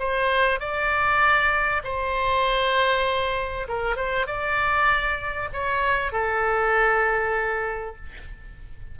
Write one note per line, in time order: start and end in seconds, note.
0.00 0.60 C5
0.60 1.83 D5
1.84 3.68 C5
3.69 3.97 A#4
3.97 4.27 C5
4.27 5.50 D5
5.54 6.13 C#5
6.13 7.96 A4